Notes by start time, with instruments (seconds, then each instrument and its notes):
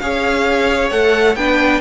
0.00 cello C#4, viola G#4, violin C#5 F5
0.91 cello A3, viola A4, violin F#5
1.36 cello B3, viola D4, violin B4 G5